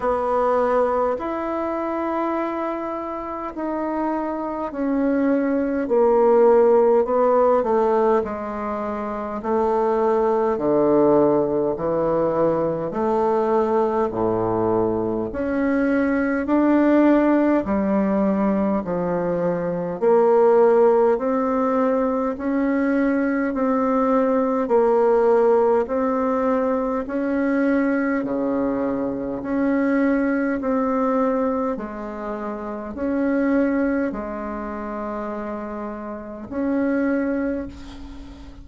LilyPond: \new Staff \with { instrumentName = "bassoon" } { \time 4/4 \tempo 4 = 51 b4 e'2 dis'4 | cis'4 ais4 b8 a8 gis4 | a4 d4 e4 a4 | a,4 cis'4 d'4 g4 |
f4 ais4 c'4 cis'4 | c'4 ais4 c'4 cis'4 | cis4 cis'4 c'4 gis4 | cis'4 gis2 cis'4 | }